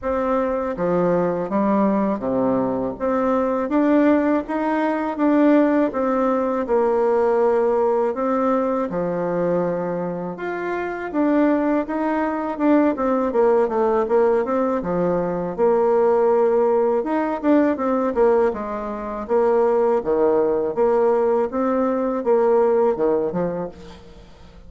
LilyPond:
\new Staff \with { instrumentName = "bassoon" } { \time 4/4 \tempo 4 = 81 c'4 f4 g4 c4 | c'4 d'4 dis'4 d'4 | c'4 ais2 c'4 | f2 f'4 d'4 |
dis'4 d'8 c'8 ais8 a8 ais8 c'8 | f4 ais2 dis'8 d'8 | c'8 ais8 gis4 ais4 dis4 | ais4 c'4 ais4 dis8 f8 | }